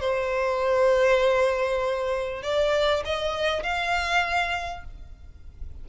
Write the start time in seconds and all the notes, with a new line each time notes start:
0.00 C5
2.42 D5
3.05 D#5
3.63 F5